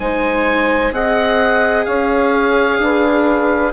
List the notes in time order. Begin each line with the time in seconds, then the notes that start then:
0.00 G#3 D#4 C5 G#5
0.92 C4 G#4 D#5 F#5
1.86 C#4 C#5 F5
2.79 D4 B4